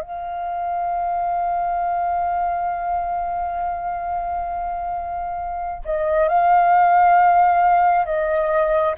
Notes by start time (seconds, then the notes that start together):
0.00 F5
5.85 D#5
6.28 F5
8.05 D#5